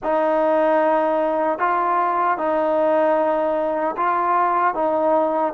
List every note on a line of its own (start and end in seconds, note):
0.03 1.59 D#4
1.59 2.37 F4
2.37 3.95 D#4
3.97 4.74 F4
4.74 5.53 D#4